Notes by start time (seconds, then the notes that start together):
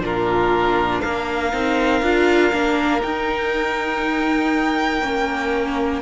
0.00 A#2 D4 F4 A#4
1.02 A#3 A#4 F5
1.53 C4 D#4
2.02 D4 F4
2.53 A#3 D4
3.01 D#4 G5
5.03 A#3 C#4